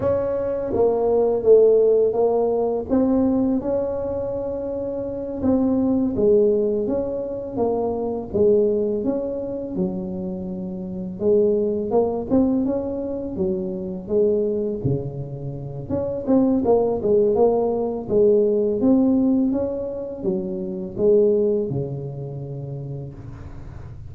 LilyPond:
\new Staff \with { instrumentName = "tuba" } { \time 4/4 \tempo 4 = 83 cis'4 ais4 a4 ais4 | c'4 cis'2~ cis'8 c'8~ | c'8 gis4 cis'4 ais4 gis8~ | gis8 cis'4 fis2 gis8~ |
gis8 ais8 c'8 cis'4 fis4 gis8~ | gis8 cis4. cis'8 c'8 ais8 gis8 | ais4 gis4 c'4 cis'4 | fis4 gis4 cis2 | }